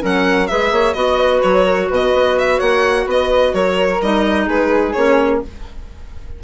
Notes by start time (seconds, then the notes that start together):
0.00 F#3 C#4 A#4 F#5
0.47 G#3 G#4 B4 E5
0.71 A#3 C#5
0.93 B3 F#4 D#5
1.00 D#5
1.19 B4
1.42 F#3 C#5
1.65 A#4
1.89 B2 B4 D#5
2.13 B3
2.38 E5
2.57 A#3 C#5 F#5
3.06 B3 B4 D#5
3.53 F#3 A#4 C#5
4.02 G3 D#4 D#5
4.46 G#3 G#4 B4
4.92 A#3 C#4 C#5